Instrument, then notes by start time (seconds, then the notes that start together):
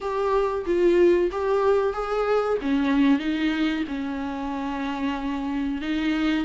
viola
0.00 G4
0.66 F4
1.31 G4
1.93 G#4
2.61 C#4
3.19 D#4
3.88 C#4
5.81 D#4